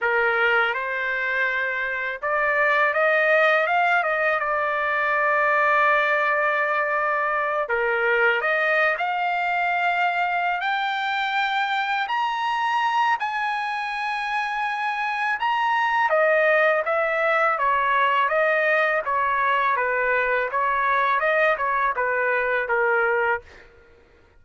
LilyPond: \new Staff \with { instrumentName = "trumpet" } { \time 4/4 \tempo 4 = 82 ais'4 c''2 d''4 | dis''4 f''8 dis''8 d''2~ | d''2~ d''8 ais'4 dis''8~ | dis''16 f''2~ f''16 g''4.~ |
g''8 ais''4. gis''2~ | gis''4 ais''4 dis''4 e''4 | cis''4 dis''4 cis''4 b'4 | cis''4 dis''8 cis''8 b'4 ais'4 | }